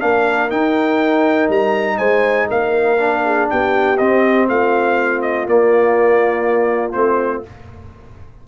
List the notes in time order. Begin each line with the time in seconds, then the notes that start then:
0.00 A#3 D4 A#4 F5
0.49 D#4 G5
1.49 G3 A#5
1.98 G#3 C5 G#5
2.49 A#3 A#4 F5
2.98 D4
3.25 G#4
3.50 B3 G4 G5
3.98 C4 D#5
4.49 A3 F4 F5
5.22 D#5
5.47 A#3 D5
6.92 A3 C4 C5